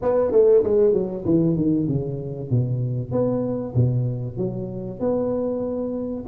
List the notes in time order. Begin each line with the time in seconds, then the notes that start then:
0.01 B3
0.31 A3
0.63 G#3
0.93 F#3
1.25 E3
1.56 D#3
1.88 C#3
2.49 B2
3.11 B3
3.74 B2
4.37 F#3
4.99 B3